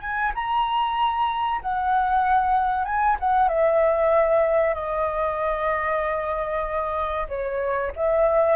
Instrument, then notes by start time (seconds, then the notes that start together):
flute
0.00 G#5
0.34 A#5
1.61 F#5
2.84 G#5
3.19 F#5
3.48 E5
4.74 D#5
7.28 C#5
7.96 E5